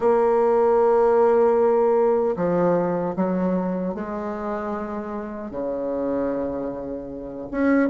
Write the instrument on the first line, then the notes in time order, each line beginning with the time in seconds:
bassoon
0.00 A#3
2.36 F3
3.16 F#3
3.94 G#3
5.50 C#3
7.51 C#4